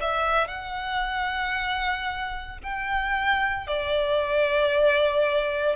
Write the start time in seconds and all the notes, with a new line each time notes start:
0.00 E5
0.47 F#5
2.63 G5
3.67 D5